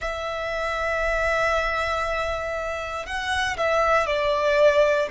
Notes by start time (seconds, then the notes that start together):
0.00 E5
3.06 F#5
3.57 E5
4.06 D5